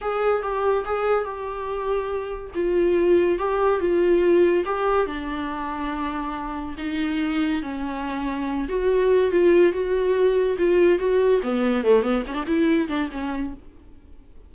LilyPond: \new Staff \with { instrumentName = "viola" } { \time 4/4 \tempo 4 = 142 gis'4 g'4 gis'4 g'4~ | g'2 f'2 | g'4 f'2 g'4 | d'1 |
dis'2 cis'2~ | cis'8 fis'4. f'4 fis'4~ | fis'4 f'4 fis'4 b4 | a8 b8 cis'16 d'16 e'4 d'8 cis'4 | }